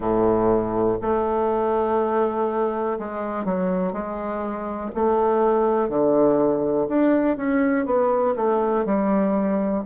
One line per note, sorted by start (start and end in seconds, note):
0.00 0.98 A2
1.01 2.98 A3
2.98 3.44 G#3
3.44 3.92 F#3
3.92 4.90 G#3
4.94 5.89 A3
5.89 6.87 D3
6.88 7.36 D4
7.36 7.85 C#4
7.85 8.34 B3
8.36 8.85 A3
8.85 9.83 G3